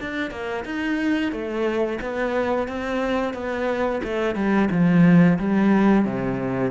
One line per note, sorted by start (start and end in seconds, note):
0.00 0.30 D4
0.30 0.64 A#3
0.64 1.31 D#4
1.31 1.99 A3
2.00 2.68 B3
2.68 3.33 C4
3.33 4.01 B3
4.03 4.35 A3
4.35 4.69 G3
4.71 5.38 F3
5.38 6.05 G3
6.05 6.71 C3